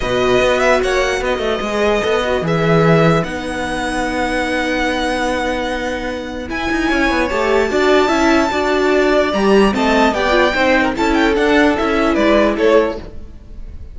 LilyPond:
<<
  \new Staff \with { instrumentName = "violin" } { \time 4/4 \tempo 4 = 148 dis''4. e''8 fis''4 dis''4~ | dis''2 e''2 | fis''1~ | fis''1 |
gis''2 a''2~ | a''2. ais''4 | a''4 g''2 a''8 g''8 | fis''4 e''4 d''4 cis''4 | }
  \new Staff \with { instrumentName = "violin" } { \time 4/4 b'2 cis''4 b'4~ | b'1~ | b'1~ | b'1~ |
b'4 cis''2 d''4 | e''4 d''2. | dis''4 d''4 c''8. ais'16 a'4~ | a'2 b'4 a'4 | }
  \new Staff \with { instrumentName = "viola" } { \time 4/4 fis'1 | gis'4 a'8 fis'8 gis'2 | dis'1~ | dis'1 |
e'2 g'4 fis'4 | e'4 fis'2 g'4 | c'4 g'8 f'8 dis'4 e'4 | d'4 e'2. | }
  \new Staff \with { instrumentName = "cello" } { \time 4/4 b,4 b4 ais4 b8 a8 | gis4 b4 e2 | b1~ | b1 |
e'8 dis'8 cis'8 b8 a4 d'4 | cis'4 d'2 g4 | a4 b4 c'4 cis'4 | d'4 cis'4 gis4 a4 | }
>>